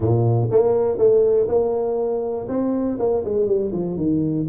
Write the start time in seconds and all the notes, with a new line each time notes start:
0.00 A#2
0.50 A#3
0.98 A3
1.48 A#3
2.48 C4
2.99 A#3
3.24 G#3
3.46 G3
3.72 F3
3.97 D#3